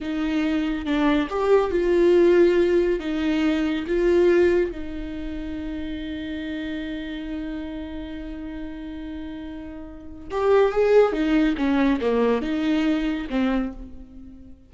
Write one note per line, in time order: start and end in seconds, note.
0.00 0.85 D#4
0.85 1.28 D4
1.29 1.70 G4
1.70 2.99 F4
2.99 3.85 D#4
3.87 4.71 F4
4.71 10.28 D#4
10.31 10.72 G4
10.72 11.12 G#4
11.12 11.55 D#4
11.57 12.00 C#4
12.00 12.41 A#3
12.41 13.27 D#4
13.29 13.72 C4